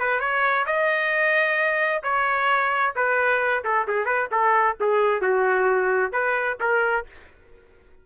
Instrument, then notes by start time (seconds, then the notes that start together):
trumpet
0.00 B4
0.20 C#5
0.67 D#5
2.04 C#5
2.96 B4
3.65 A4
3.88 G#4
4.06 B4
4.32 A4
4.81 G#4
5.22 F#4
6.13 B4
6.61 A#4